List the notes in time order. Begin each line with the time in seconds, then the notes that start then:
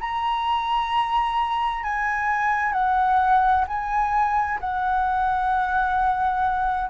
0.00 A#5
1.83 G#5
2.72 F#5
3.67 G#5
4.60 F#5